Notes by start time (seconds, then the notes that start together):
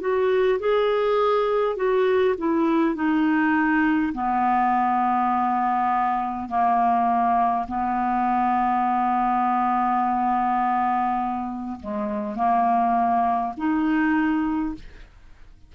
0.00 F#4
0.59 G#4
1.76 F#4
2.38 E4
2.95 D#4
4.13 B3
6.49 A#3
7.67 B3
11.80 G#3
12.36 A#3
13.57 D#4